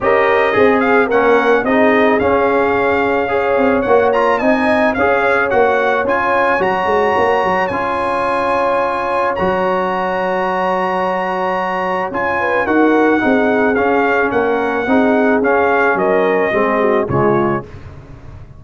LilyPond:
<<
  \new Staff \with { instrumentName = "trumpet" } { \time 4/4 \tempo 4 = 109 dis''4. f''8 fis''4 dis''4 | f''2. fis''8 ais''8 | gis''4 f''4 fis''4 gis''4 | ais''2 gis''2~ |
gis''4 ais''2.~ | ais''2 gis''4 fis''4~ | fis''4 f''4 fis''2 | f''4 dis''2 cis''4 | }
  \new Staff \with { instrumentName = "horn" } { \time 4/4 ais'4 gis'4 ais'4 gis'4~ | gis'2 cis''2 | dis''4 cis''2.~ | cis''1~ |
cis''1~ | cis''2~ cis''8 b'8 ais'4 | gis'2 ais'4 gis'4~ | gis'4 ais'4 gis'8 fis'8 f'4 | }
  \new Staff \with { instrumentName = "trombone" } { \time 4/4 g'4 gis'4 cis'4 dis'4 | cis'2 gis'4 fis'8 f'8 | dis'4 gis'4 fis'4 f'4 | fis'2 f'2~ |
f'4 fis'2.~ | fis'2 f'4 fis'4 | dis'4 cis'2 dis'4 | cis'2 c'4 gis4 | }
  \new Staff \with { instrumentName = "tuba" } { \time 4/4 cis'4 c'4 ais4 c'4 | cis'2~ cis'8 c'8 ais4 | c'4 cis'4 ais4 cis'4 | fis8 gis8 ais8 fis8 cis'2~ |
cis'4 fis2.~ | fis2 cis'4 dis'4 | c'4 cis'4 ais4 c'4 | cis'4 fis4 gis4 cis4 | }
>>